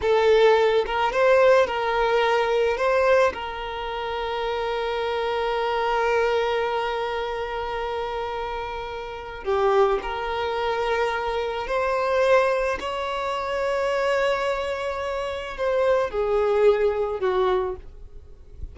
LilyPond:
\new Staff \with { instrumentName = "violin" } { \time 4/4 \tempo 4 = 108 a'4. ais'8 c''4 ais'4~ | ais'4 c''4 ais'2~ | ais'1~ | ais'1~ |
ais'4 g'4 ais'2~ | ais'4 c''2 cis''4~ | cis''1 | c''4 gis'2 fis'4 | }